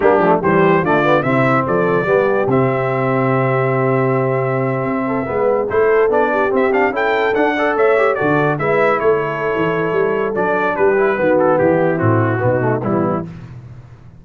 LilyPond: <<
  \new Staff \with { instrumentName = "trumpet" } { \time 4/4 \tempo 4 = 145 g'4 c''4 d''4 e''4 | d''2 e''2~ | e''1~ | e''4.~ e''16 c''4 d''4 e''16~ |
e''16 f''8 g''4 fis''4 e''4 d''16~ | d''8. e''4 cis''2~ cis''16~ | cis''4 d''4 b'4. a'8 | g'4 fis'2 e'4 | }
  \new Staff \with { instrumentName = "horn" } { \time 4/4 d'4 g'4 f'4 e'4 | a'4 g'2.~ | g'1~ | g'16 a'8 b'4 a'4. g'8.~ |
g'8. a'4. d''8 cis''4 a'16~ | a'8. b'4 a'2~ a'16~ | a'2 g'4 fis'4 | e'2 dis'4 b4 | }
  \new Staff \with { instrumentName = "trombone" } { \time 4/4 ais8 a8 g4 a8 b8 c'4~ | c'4 b4 c'2~ | c'1~ | c'8. b4 e'4 d'4 c'16~ |
c'16 d'8 e'4 d'8 a'4 g'8 fis'16~ | fis'8. e'2.~ e'16~ | e'4 d'4. e'8 b4~ | b4 c'4 b8 a8 g4 | }
  \new Staff \with { instrumentName = "tuba" } { \time 4/4 g8 f8 e4 d4 c4 | f4 g4 c2~ | c2.~ c8. c'16~ | c'8. gis4 a4 b4 c'16~ |
c'8. cis'4 d'4 a4 d16~ | d8. gis4 a4~ a16 e4 | g4 fis4 g4 dis4 | e4 a,4 b,4 e4 | }
>>